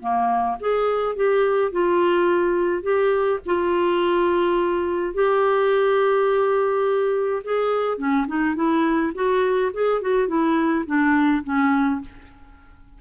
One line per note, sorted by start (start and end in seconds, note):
0.00 0.57 A#3
0.60 1.16 G#4
1.16 1.71 G4
1.71 2.83 F4
2.83 3.40 G4
3.45 5.14 F4
5.14 7.42 G4
7.43 7.97 G#4
7.97 8.26 C#4
8.27 8.55 D#4
8.55 9.12 E4
9.15 9.72 F#4
9.73 10.01 G#4
10.01 10.28 F#4
10.28 10.85 E4
10.86 11.43 D4
11.44 12.01 C#4